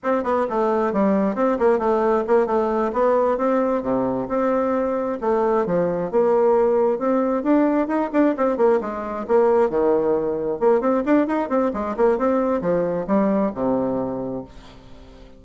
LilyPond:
\new Staff \with { instrumentName = "bassoon" } { \time 4/4 \tempo 4 = 133 c'8 b8 a4 g4 c'8 ais8 | a4 ais8 a4 b4 c'8~ | c'8 c4 c'2 a8~ | a8 f4 ais2 c'8~ |
c'8 d'4 dis'8 d'8 c'8 ais8 gis8~ | gis8 ais4 dis2 ais8 | c'8 d'8 dis'8 c'8 gis8 ais8 c'4 | f4 g4 c2 | }